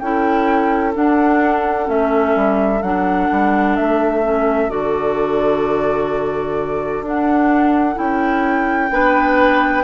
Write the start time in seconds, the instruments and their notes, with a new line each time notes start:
0.00 bassoon C#4, clarinet E4, oboe A4, flute G5
0.94 clarinet D4, bassoon D4, flute F#5
1.86 bassoon A3, clarinet C#4, flute E5
2.36 bassoon G3
2.83 bassoon F#3, clarinet D4, flute F#5
3.31 bassoon G3
3.77 bassoon A3, flute E5
4.23 clarinet C#4
4.70 bassoon D3, clarinet F#4, flute D5
7.02 bassoon D4, clarinet D4, flute F#5
7.95 bassoon C#4, clarinet E4, flute G5
8.91 bassoon B3, clarinet D4, oboe B4